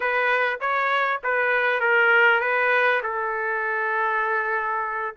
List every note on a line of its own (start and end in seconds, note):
0.00 0.59 B4
0.60 1.21 C#5
1.23 1.80 B4
1.80 2.40 A#4
2.40 3.01 B4
3.02 5.14 A4